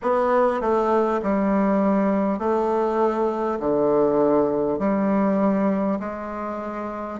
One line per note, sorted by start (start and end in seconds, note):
0.02 0.60 B3
0.60 1.20 A3
1.23 2.38 G3
2.38 3.58 A3
3.59 4.78 D3
4.78 5.98 G3
5.99 7.19 G#3